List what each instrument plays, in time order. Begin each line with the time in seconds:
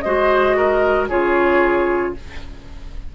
0.00 bassoon G#3, clarinet F#4, oboe C5, flute D#5
0.57 oboe A#4
1.08 bassoon C#3, clarinet F4, oboe G#4, flute C#5